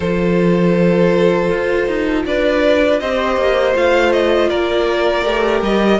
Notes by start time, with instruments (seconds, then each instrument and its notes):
0.00 cello F3, viola F4, violin A4 C5
1.50 cello F4
1.87 cello D#4
2.26 cello D4, violin B4 D5
2.99 cello C4, viola G4, violin C5 D#5
3.36 cello A#3
3.74 cello A3, viola F4, violin F5
4.12 violin D#5
4.49 cello A#3, violin A#4 D5
5.24 cello A3, viola G4
5.62 cello G3, violin D#5